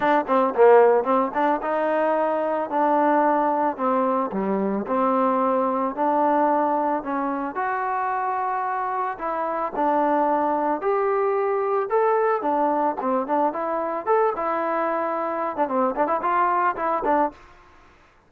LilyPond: \new Staff \with { instrumentName = "trombone" } { \time 4/4 \tempo 4 = 111 d'8 c'8 ais4 c'8 d'8 dis'4~ | dis'4 d'2 c'4 | g4 c'2 d'4~ | d'4 cis'4 fis'2~ |
fis'4 e'4 d'2 | g'2 a'4 d'4 | c'8 d'8 e'4 a'8 e'4.~ | e'8. d'16 c'8 d'16 e'16 f'4 e'8 d'8 | }